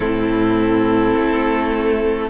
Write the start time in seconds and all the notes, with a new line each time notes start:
0.00 A2 C4 E4 A4
1.16 A3